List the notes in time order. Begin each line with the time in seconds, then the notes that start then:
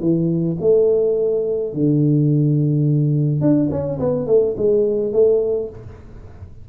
0.00 E3
0.60 A3
1.73 D3
3.41 D4
3.70 C#4
3.99 B3
4.26 A3
4.56 G#3
5.12 A3